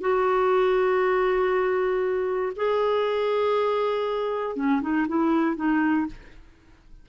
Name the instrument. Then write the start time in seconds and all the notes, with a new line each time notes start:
clarinet
0.00 F#4
2.56 G#4
4.56 C#4
4.82 D#4
5.08 E4
5.56 D#4